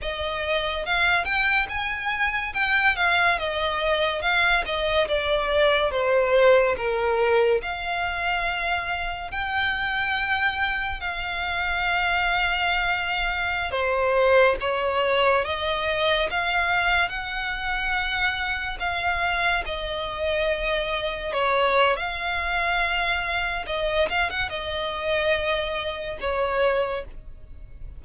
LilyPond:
\new Staff \with { instrumentName = "violin" } { \time 4/4 \tempo 4 = 71 dis''4 f''8 g''8 gis''4 g''8 f''8 | dis''4 f''8 dis''8 d''4 c''4 | ais'4 f''2 g''4~ | g''4 f''2.~ |
f''16 c''4 cis''4 dis''4 f''8.~ | f''16 fis''2 f''4 dis''8.~ | dis''4~ dis''16 cis''8. f''2 | dis''8 f''16 fis''16 dis''2 cis''4 | }